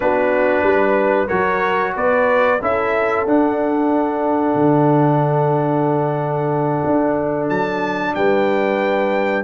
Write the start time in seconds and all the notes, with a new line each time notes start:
0.00 B3 D4 F#4 B4
0.62 G3 B4
1.26 F#3 F#4 A#4 C#5
1.95 B3 B4 D5
2.61 C#4 E4 A4 E5
3.25 D4 F#5
4.54 D3
6.86 D4
7.49 F#3 A5
8.15 G3 B4 G5